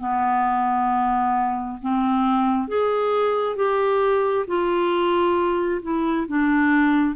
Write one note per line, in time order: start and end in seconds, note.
0.00 1.79 B3
1.82 2.69 C4
2.69 3.57 G#4
3.57 4.46 G4
4.48 5.82 F4
5.82 6.27 E4
6.28 7.16 D4